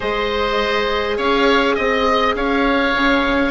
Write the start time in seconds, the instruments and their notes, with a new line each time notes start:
0.00 bassoon G#3, viola G#4, oboe C5 D#5
1.17 bassoon C#4, oboe C#5 F5
1.74 bassoon C4, oboe D#5
2.35 bassoon C#4, oboe C#5 F5
2.94 bassoon C#3, viola C#4